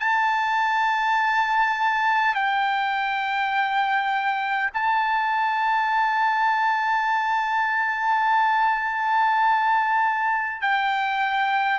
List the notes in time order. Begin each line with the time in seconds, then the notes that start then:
0.00 A5
2.35 G5
4.74 A5
10.61 G5